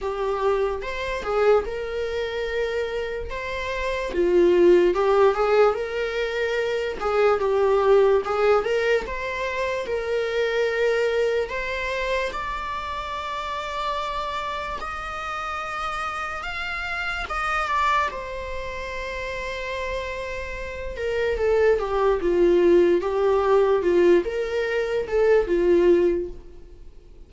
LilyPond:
\new Staff \with { instrumentName = "viola" } { \time 4/4 \tempo 4 = 73 g'4 c''8 gis'8 ais'2 | c''4 f'4 g'8 gis'8 ais'4~ | ais'8 gis'8 g'4 gis'8 ais'8 c''4 | ais'2 c''4 d''4~ |
d''2 dis''2 | f''4 dis''8 d''8 c''2~ | c''4. ais'8 a'8 g'8 f'4 | g'4 f'8 ais'4 a'8 f'4 | }